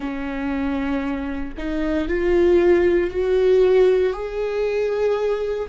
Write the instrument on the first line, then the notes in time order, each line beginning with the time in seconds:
viola
0.00 C#4
1.57 D#4
2.07 F4
3.10 F#4
4.13 G#4